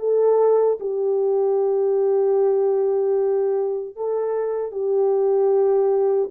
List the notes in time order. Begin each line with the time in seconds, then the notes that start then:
0.00 A4
0.81 G4
3.97 A4
4.72 G4